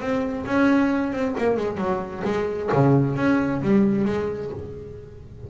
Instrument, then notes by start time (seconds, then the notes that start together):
double bass
0.00 C4
0.46 C#4
1.12 C4
1.38 A#3
1.56 G#3
1.77 F#3
2.24 G#3
2.72 C#3
3.16 C#4
3.62 G3
4.05 G#3